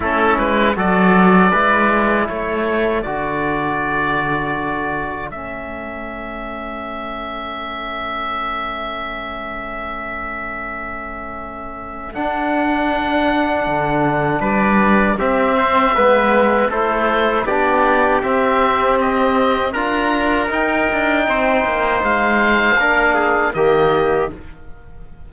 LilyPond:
<<
  \new Staff \with { instrumentName = "oboe" } { \time 4/4 \tempo 4 = 79 a'8 b'8 d''2 cis''4 | d''2. e''4~ | e''1~ | e''1 |
fis''2. d''4 | e''2 c''4 d''4 | e''4 dis''4 ais''4 g''4~ | g''4 f''2 dis''4 | }
  \new Staff \with { instrumentName = "trumpet" } { \time 4/4 e'4 a'4 b'4 a'4~ | a'1~ | a'1~ | a'1~ |
a'2. b'4 | g'8 c''8 b'4 a'4 g'4~ | g'2 ais'2 | c''2 ais'8 gis'8 g'4 | }
  \new Staff \with { instrumentName = "trombone" } { \time 4/4 cis'4 fis'4 e'2 | fis'2. cis'4~ | cis'1~ | cis'1 |
d'1 | c'4 b4 e'4 d'4 | c'2 f'4 dis'4~ | dis'2 d'4 ais4 | }
  \new Staff \with { instrumentName = "cello" } { \time 4/4 a8 gis8 fis4 gis4 a4 | d2. a4~ | a1~ | a1 |
d'2 d4 g4 | c'4 gis4 a4 b4 | c'2 d'4 dis'8 d'8 | c'8 ais8 gis4 ais4 dis4 | }
>>